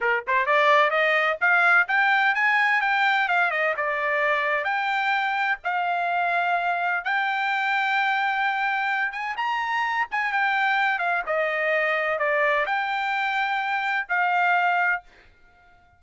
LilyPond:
\new Staff \with { instrumentName = "trumpet" } { \time 4/4 \tempo 4 = 128 ais'8 c''8 d''4 dis''4 f''4 | g''4 gis''4 g''4 f''8 dis''8 | d''2 g''2 | f''2. g''4~ |
g''2.~ g''8 gis''8 | ais''4. gis''8 g''4. f''8 | dis''2 d''4 g''4~ | g''2 f''2 | }